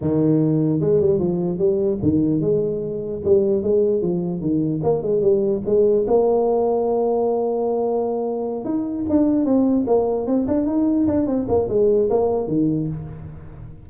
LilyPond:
\new Staff \with { instrumentName = "tuba" } { \time 4/4 \tempo 4 = 149 dis2 gis8 g8 f4 | g4 dis4 gis2 | g4 gis4 f4 dis4 | ais8 gis8 g4 gis4 ais4~ |
ais1~ | ais4. dis'4 d'4 c'8~ | c'8 ais4 c'8 d'8 dis'4 d'8 | c'8 ais8 gis4 ais4 dis4 | }